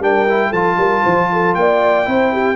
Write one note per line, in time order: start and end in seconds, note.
0.00 0.52 G3
0.00 0.27 D4
0.00 0.50 A#4
0.00 0.53 G5
0.30 0.55 E4
0.50 0.77 F3
0.50 2.05 F4
0.50 0.76 A4
0.50 1.55 A5
0.77 1.03 G3
0.77 1.02 A#4
1.02 1.56 F3
1.02 1.28 C5
1.32 1.58 A4
1.55 2.07 A#3
1.55 2.10 D5
1.55 2.56 G5
2.05 2.56 C4
2.05 2.56 E4
2.05 2.33 C5
2.33 2.56 G4